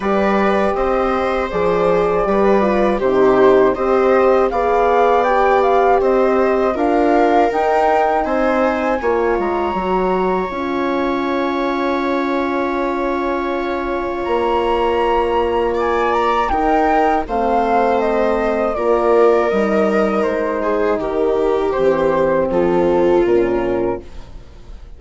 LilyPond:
<<
  \new Staff \with { instrumentName = "flute" } { \time 4/4 \tempo 4 = 80 d''4 dis''4 d''2 | c''4 dis''4 f''4 g''8 f''8 | dis''4 f''4 g''4 gis''4~ | gis''8 ais''4. gis''2~ |
gis''2. ais''4~ | ais''4 gis''8 ais''8 g''4 f''4 | dis''4 d''4 dis''4 c''4 | ais'4 c''4 a'4 ais'4 | }
  \new Staff \with { instrumentName = "viola" } { \time 4/4 b'4 c''2 b'4 | g'4 c''4 d''2 | c''4 ais'2 c''4 | cis''1~ |
cis''1~ | cis''4 d''4 ais'4 c''4~ | c''4 ais'2~ ais'8 gis'8 | g'2 f'2 | }
  \new Staff \with { instrumentName = "horn" } { \time 4/4 g'2 gis'4 g'8 f'8 | dis'4 g'4 gis'4 g'4~ | g'4 f'4 dis'2 | f'4 fis'4 f'2~ |
f'1~ | f'2 dis'4 c'4~ | c'4 f'4 dis'2~ | dis'4 c'2 cis'4 | }
  \new Staff \with { instrumentName = "bassoon" } { \time 4/4 g4 c'4 f4 g4 | c4 c'4 b2 | c'4 d'4 dis'4 c'4 | ais8 gis8 fis4 cis'2~ |
cis'2. ais4~ | ais2 dis'4 a4~ | a4 ais4 g4 gis4 | dis4 e4 f4 ais,4 | }
>>